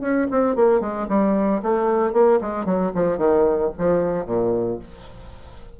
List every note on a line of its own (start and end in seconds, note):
0.00 0.27 C#4
0.30 0.55 C4
0.55 0.80 A#3
0.80 1.07 G#3
1.08 1.61 G3
1.62 2.12 A3
2.12 2.39 A#3
2.41 2.65 G#3
2.65 2.91 F#3
2.94 3.17 F3
3.17 3.70 D#3
3.77 4.25 F3
4.25 4.78 A#2